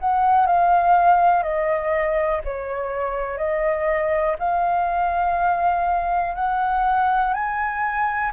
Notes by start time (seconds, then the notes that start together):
0.00 F#5
0.46 F5
1.43 D#5
2.45 C#5
3.38 D#5
4.39 F5
6.36 F#5
7.34 G#5